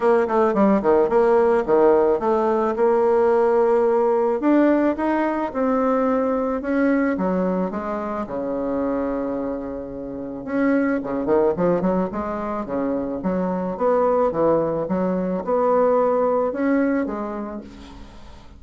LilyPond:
\new Staff \with { instrumentName = "bassoon" } { \time 4/4 \tempo 4 = 109 ais8 a8 g8 dis8 ais4 dis4 | a4 ais2. | d'4 dis'4 c'2 | cis'4 fis4 gis4 cis4~ |
cis2. cis'4 | cis8 dis8 f8 fis8 gis4 cis4 | fis4 b4 e4 fis4 | b2 cis'4 gis4 | }